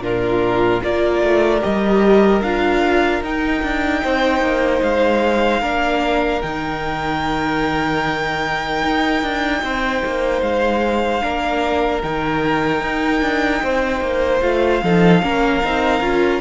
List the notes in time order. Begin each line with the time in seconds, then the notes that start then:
0.00 A#2 D4 F4 A#4
0.82 A#3 F4 A#4 D5
1.22 A3
1.61 G3 G4 D#5
2.42 D4 F4 F5
3.22 D#4 G5
3.62 D4
4.02 C4 C5
4.41 A#3
4.82 G#3 F5
5.61 A#3 D4 A#4
6.41 D#3 D#4 G5
8.83 D#4
9.22 D4
9.63 C4 C5
10.05 A#3
10.42 G#3 F5
11.21 A#3 D4 A#4
12.02 D#3 D#4 G5
12.81 D#4
13.21 D4
13.62 C4 C5
14.01 A#3
14.41 A3 F4 F5
14.83 F3 D#4 A4
15.22 A#3 C#4 A#4
15.63 C4 D#4
16.00 C#4 F4